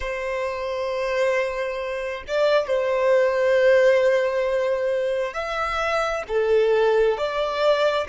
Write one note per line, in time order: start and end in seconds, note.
0.00 2.23 C5
2.27 2.67 D5
2.67 5.33 C5
5.33 6.23 E5
6.28 7.17 A4
7.17 8.07 D5